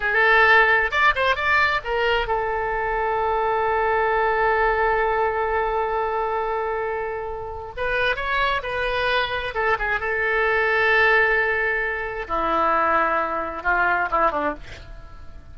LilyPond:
\new Staff \with { instrumentName = "oboe" } { \time 4/4 \tempo 4 = 132 a'2 d''8 c''8 d''4 | ais'4 a'2.~ | a'1~ | a'1~ |
a'4 b'4 cis''4 b'4~ | b'4 a'8 gis'8 a'2~ | a'2. e'4~ | e'2 f'4 e'8 d'8 | }